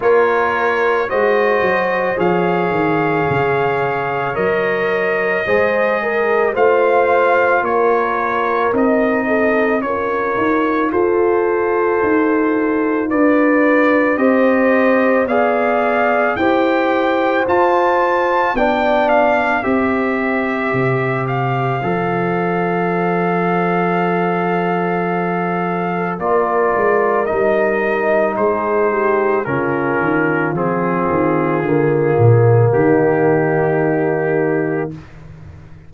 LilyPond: <<
  \new Staff \with { instrumentName = "trumpet" } { \time 4/4 \tempo 4 = 55 cis''4 dis''4 f''2 | dis''2 f''4 cis''4 | dis''4 cis''4 c''2 | d''4 dis''4 f''4 g''4 |
a''4 g''8 f''8 e''4. f''8~ | f''1 | d''4 dis''4 c''4 ais'4 | gis'2 g'2 | }
  \new Staff \with { instrumentName = "horn" } { \time 4/4 ais'4 c''4 cis''2~ | cis''4 c''8 ais'8 c''4 ais'4~ | ais'8 a'8 ais'4 a'2 | b'4 c''4 d''4 c''4~ |
c''4 d''4 c''2~ | c''1 | ais'2 gis'8 g'8 f'4~ | f'2 dis'2 | }
  \new Staff \with { instrumentName = "trombone" } { \time 4/4 f'4 fis'4 gis'2 | ais'4 gis'4 f'2 | dis'4 f'2.~ | f'4 g'4 gis'4 g'4 |
f'4 d'4 g'2 | a'1 | f'4 dis'2 cis'4 | c'4 ais2. | }
  \new Staff \with { instrumentName = "tuba" } { \time 4/4 ais4 gis8 fis8 f8 dis8 cis4 | fis4 gis4 a4 ais4 | c'4 cis'8 dis'8 f'4 dis'4 | d'4 c'4 b4 e'4 |
f'4 b4 c'4 c4 | f1 | ais8 gis8 g4 gis4 cis8 dis8 | f8 dis8 d8 ais,8 dis2 | }
>>